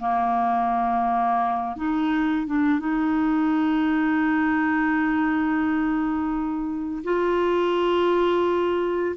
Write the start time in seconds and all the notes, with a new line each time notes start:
0.00 A#3
1.77 D#4
2.47 D4
2.80 D#4
7.04 F4